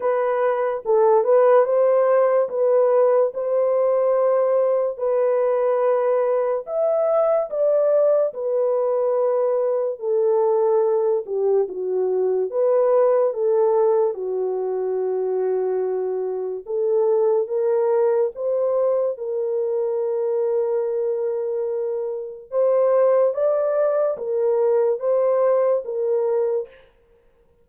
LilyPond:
\new Staff \with { instrumentName = "horn" } { \time 4/4 \tempo 4 = 72 b'4 a'8 b'8 c''4 b'4 | c''2 b'2 | e''4 d''4 b'2 | a'4. g'8 fis'4 b'4 |
a'4 fis'2. | a'4 ais'4 c''4 ais'4~ | ais'2. c''4 | d''4 ais'4 c''4 ais'4 | }